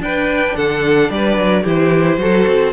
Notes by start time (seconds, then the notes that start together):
0.00 D4 B4 G5
0.56 D3 A4 F#5
1.10 G3 B4 D5
1.37 F#3
1.64 E3 E4 G4 C5
2.18 F#3 F#4 A4
2.47 C4